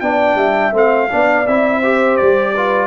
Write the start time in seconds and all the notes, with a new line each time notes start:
0.00 B3 D4 D5 G5
0.34 G3 E5
0.72 A3 C4 F5
1.09 B3 D4 D5
1.47 C4 E4 E5
1.78 G4 C5
2.16 G3 D5
2.53 F4 B4